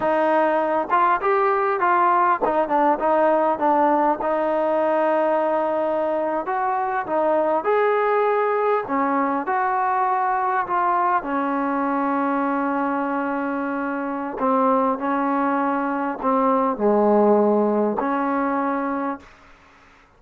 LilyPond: \new Staff \with { instrumentName = "trombone" } { \time 4/4 \tempo 4 = 100 dis'4. f'8 g'4 f'4 | dis'8 d'8 dis'4 d'4 dis'4~ | dis'2~ dis'8. fis'4 dis'16~ | dis'8. gis'2 cis'4 fis'16~ |
fis'4.~ fis'16 f'4 cis'4~ cis'16~ | cis'1 | c'4 cis'2 c'4 | gis2 cis'2 | }